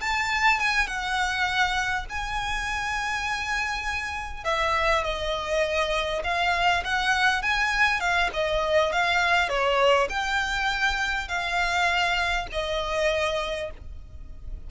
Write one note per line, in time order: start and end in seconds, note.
0.00 0.59 A5
0.59 0.87 G#5
0.87 2.05 F#5
2.09 4.44 G#5
4.44 5.03 E5
5.03 6.22 D#5
6.23 6.83 F5
6.84 7.42 F#5
7.42 8.00 G#5
8.00 8.30 F5
8.33 8.92 D#5
8.92 9.49 F5
9.49 10.08 C#5
10.09 11.28 G5
11.28 12.47 F5
12.52 13.70 D#5